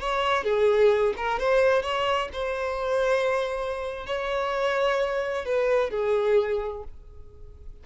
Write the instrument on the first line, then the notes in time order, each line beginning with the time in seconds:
violin
0.00 C#5
0.44 G#4
1.17 A#4
1.39 C5
1.82 C#5
2.33 C5
4.06 C#5
5.45 B4
5.90 G#4